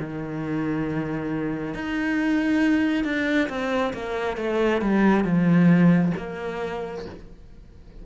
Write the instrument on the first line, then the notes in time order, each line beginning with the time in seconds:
cello
0.00 D#3
1.74 D#4
3.05 D4
3.50 C4
3.94 A#3
4.38 A3
4.82 G3
5.25 F3
6.18 A#3